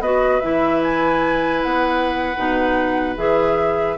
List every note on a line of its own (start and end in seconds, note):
0.00 0.41 B3
0.00 0.42 F#4
0.00 3.97 B4
0.00 0.41 D#5
0.41 1.64 E3
0.41 2.36 E4
0.41 0.81 E5
0.83 1.63 G#5
1.63 2.36 B3
1.63 3.16 F#5
2.37 3.17 B2
2.37 3.16 D#4
3.16 3.97 E3
3.16 3.97 G#4
3.16 3.97 E5